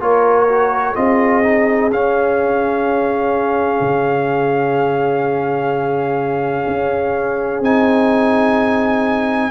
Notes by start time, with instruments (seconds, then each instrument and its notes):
0.00 tuba A#3, trombone F4, horn A#4, trumpet C#5
0.49 trombone F#4
0.95 tuba C4, trombone F4, horn G#4, trumpet D#5
1.43 trombone D#4
1.92 tuba C#4, trombone C#4, trumpet F5
3.81 tuba C#3
6.67 tuba C#4
7.60 tuba C4, trombone D#4, trumpet G#5